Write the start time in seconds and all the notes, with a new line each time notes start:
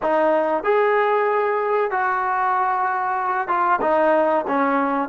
0.02 D#4
0.63 G#4
1.90 F#4
3.48 F4
3.81 D#4
4.47 C#4